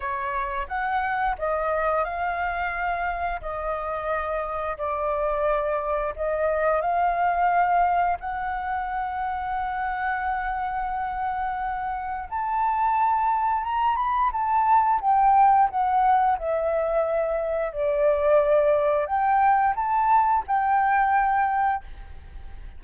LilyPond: \new Staff \with { instrumentName = "flute" } { \time 4/4 \tempo 4 = 88 cis''4 fis''4 dis''4 f''4~ | f''4 dis''2 d''4~ | d''4 dis''4 f''2 | fis''1~ |
fis''2 a''2 | ais''8 b''8 a''4 g''4 fis''4 | e''2 d''2 | g''4 a''4 g''2 | }